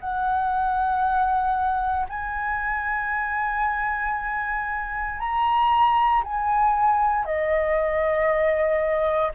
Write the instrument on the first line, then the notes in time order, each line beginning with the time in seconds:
flute
0.00 F#5
2.09 G#5
5.19 A#5
6.24 G#5
7.25 D#5